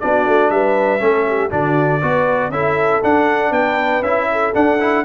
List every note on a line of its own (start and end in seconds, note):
0.00 0.26 B3
0.00 0.99 D4
0.00 0.52 F#4
0.00 0.50 D5
0.26 0.50 A3
0.50 1.01 G3
0.50 1.02 B4
0.50 1.51 E5
0.99 1.51 A3
0.99 1.49 C#4
0.99 1.27 A4
1.28 1.50 G4
1.50 2.02 D3
1.50 2.01 D4
1.50 2.00 F#4
1.50 2.51 D5
2.02 2.49 B3
2.02 2.52 F#4
2.02 2.52 B4
2.49 3.00 C#4
2.49 3.02 E4
2.49 3.51 A4
2.49 3.01 E5
3.02 4.03 D4
3.02 3.50 D4
3.02 3.53 F#5
3.50 4.01 B3
3.50 4.26 B4
3.50 4.03 G5
4.02 4.52 C#4
4.02 4.53 E4
4.02 4.53 E5
4.32 5.05 A4
4.53 4.78 D4
4.53 5.05 D4
4.53 5.05 F#5
4.80 5.05 E4